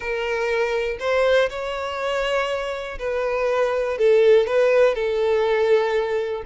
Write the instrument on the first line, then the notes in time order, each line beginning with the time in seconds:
violin
0.00 A#4
0.99 C5
1.49 C#5
2.98 B4
3.98 A4
4.47 B4
4.94 A4